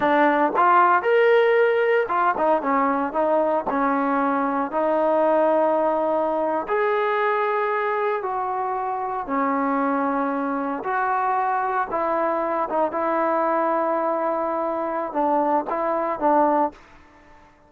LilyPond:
\new Staff \with { instrumentName = "trombone" } { \time 4/4 \tempo 4 = 115 d'4 f'4 ais'2 | f'8 dis'8 cis'4 dis'4 cis'4~ | cis'4 dis'2.~ | dis'8. gis'2. fis'16~ |
fis'4.~ fis'16 cis'2~ cis'16~ | cis'8. fis'2 e'4~ e'16~ | e'16 dis'8 e'2.~ e'16~ | e'4 d'4 e'4 d'4 | }